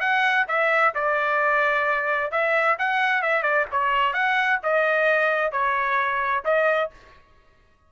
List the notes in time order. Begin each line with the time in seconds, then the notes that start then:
0.00 F#5
0.48 E5
0.95 D5
2.31 E5
2.79 F#5
3.22 E5
3.43 D5
3.72 C#5
4.13 F#5
4.63 D#5
5.52 C#5
6.44 D#5